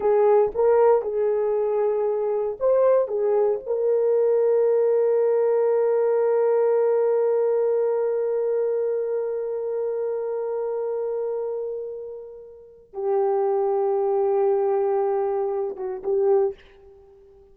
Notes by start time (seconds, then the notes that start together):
0.00 G#4
0.54 A#4
1.02 G#4
2.59 C5
3.08 G#4
3.66 A#4
12.93 G4
15.76 F#4
16.03 G4